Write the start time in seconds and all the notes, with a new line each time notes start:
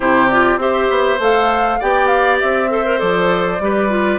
0.00 C3 E4 G4 C5
0.29 F4 D5
0.57 C4 G4 C5 E5
0.90 B3
1.19 A3 A4 F5
1.79 B3 G4 D5 G5
2.07 F5
2.40 C4 E5
2.69 A4 C5
2.84 A#4
2.98 F3 A4 D5
3.59 G3 G4 B4
3.89 F4